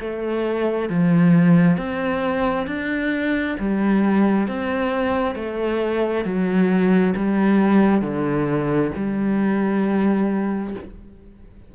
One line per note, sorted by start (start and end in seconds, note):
0.00 0.90 A3
0.90 1.77 F3
1.77 2.67 C4
2.67 3.57 D4
3.59 4.48 G3
4.48 5.35 C4
5.35 6.25 A3
6.25 7.14 F#3
7.16 8.02 G3
8.02 8.91 D3
8.96 10.75 G3